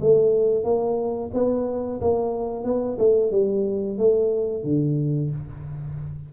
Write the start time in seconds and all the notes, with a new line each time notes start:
0.00 A3
0.64 A#3
1.33 B3
2.00 A#3
2.64 B3
2.98 A3
3.31 G3
3.98 A3
4.63 D3